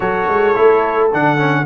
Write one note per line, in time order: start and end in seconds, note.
0.00 0.27 F#3
0.00 0.54 F#4
0.00 1.66 A4
0.00 1.09 C#5
0.28 0.56 G#3
0.54 1.13 A3
0.54 1.10 E4
1.13 1.66 D3
1.13 1.37 D4
1.13 1.66 F#5
1.37 1.65 C#4